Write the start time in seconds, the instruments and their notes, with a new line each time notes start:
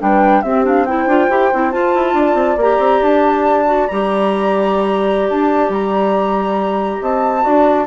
0.00 bassoon G3, clarinet D4, horn B4, flute G5
0.42 bassoon C4, clarinet C4, horn G4, flute E5
0.64 clarinet D4, flute F5
0.86 clarinet E4, horn C5, flute G5
1.06 bassoon D4, clarinet F4
1.30 bassoon E4, clarinet G4
1.54 bassoon C4, clarinet E4
1.72 clarinet F4, bassoon F4, flute A5
1.95 bassoon E4
2.13 bassoon D4, horn D5
2.34 bassoon C4
2.57 bassoon A#3, clarinet G4, flute A#5
2.79 bassoon C4
3.02 bassoon D4, flute A5
3.66 clarinet F#4
3.88 bassoon G3, clarinet G4, flute A#5
5.29 bassoon D4, flute A5
5.69 bassoon G3, flute A#5
7.01 bassoon C4, horn D#5, flute A5
7.42 bassoon D4, clarinet F#4, horn D5